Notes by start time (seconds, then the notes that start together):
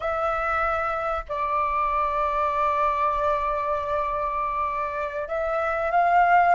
0.00 E5
1.29 D5
5.28 E5
5.91 F5